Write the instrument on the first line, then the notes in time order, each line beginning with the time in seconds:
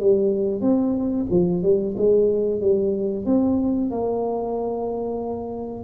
tuba
0.00 G3
0.61 C4
1.30 F3
1.63 G3
1.97 G#3
2.61 G3
3.26 C4
3.91 A#3